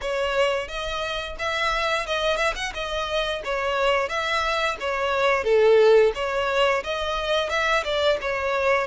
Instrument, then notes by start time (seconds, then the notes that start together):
violin
0.01 C#5
0.68 D#5
1.38 E5
2.06 D#5
2.36 E5
2.55 F#5
2.74 D#5
3.44 C#5
4.08 E5
4.79 C#5
5.44 A4
6.15 C#5
6.83 D#5
7.49 E5
7.83 D5
8.21 C#5